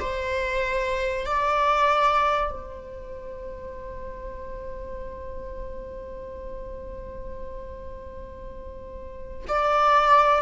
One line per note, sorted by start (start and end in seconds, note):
0.00 1.26 C5
1.26 2.51 D5
2.51 9.46 C5
9.48 10.42 D5